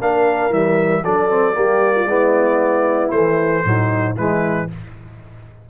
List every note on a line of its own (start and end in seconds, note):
0.00 0.50 A#3
0.00 0.52 D4
0.00 1.04 A#4
0.00 0.53 F5
0.50 1.02 E3
0.50 1.04 G3
0.50 1.05 E5
1.04 1.56 F#3
1.04 1.30 D4
1.04 1.56 A4
1.04 3.11 D5
1.30 1.54 C4
1.54 2.05 G3
1.54 2.06 A#3
1.54 1.95 G4
1.96 2.09 F4
2.05 3.09 G#3
2.05 3.13 B3
2.05 3.65 E4
3.11 3.64 E3
3.11 3.64 A3
3.11 4.15 C5
3.64 4.16 A2
3.64 4.17 F#3
3.64 4.17 D#4
4.16 4.68 E3
4.16 4.69 G#3
4.16 4.69 E4
4.16 4.70 B4